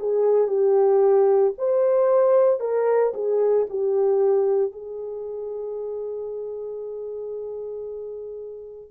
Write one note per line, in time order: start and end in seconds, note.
0.00 0.48 G#4
0.48 1.53 G4
1.58 2.60 C5
2.60 3.13 A#4
3.14 3.67 G#4
3.70 4.72 G4
4.72 8.91 G#4